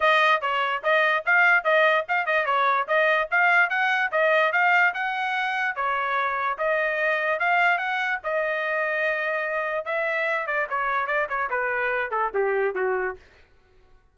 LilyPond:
\new Staff \with { instrumentName = "trumpet" } { \time 4/4 \tempo 4 = 146 dis''4 cis''4 dis''4 f''4 | dis''4 f''8 dis''8 cis''4 dis''4 | f''4 fis''4 dis''4 f''4 | fis''2 cis''2 |
dis''2 f''4 fis''4 | dis''1 | e''4. d''8 cis''4 d''8 cis''8 | b'4. a'8 g'4 fis'4 | }